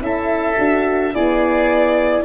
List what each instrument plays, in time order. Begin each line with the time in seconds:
0.00 tuba C#4, horn E4, oboe A4, violin E5
0.58 tuba D4, horn F#4
1.14 horn B3, tuba E4, oboe G#4, violin D5